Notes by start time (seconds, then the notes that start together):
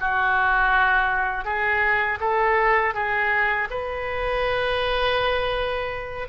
0.00 F#4
1.44 G#4
2.20 A4
2.94 G#4
3.70 B4